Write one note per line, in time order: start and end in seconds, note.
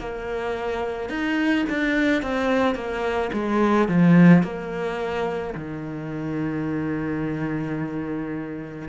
0.00 1.10 A#3
1.10 1.65 D#4
1.70 2.23 D4
2.23 2.75 C4
2.75 3.31 A#3
3.33 3.88 G#3
3.88 4.43 F3
4.43 5.55 A#3
5.55 8.88 D#3